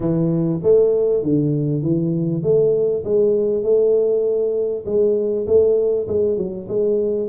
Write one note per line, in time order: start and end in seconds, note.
0.00 0.60 E3
0.63 1.22 A3
1.22 1.82 D3
1.82 2.42 E3
2.42 3.03 A3
3.04 3.63 G#3
3.63 4.84 A3
4.85 5.46 G#3
5.46 6.07 A3
6.08 6.37 G#3
6.37 6.67 F#3
6.68 7.28 G#3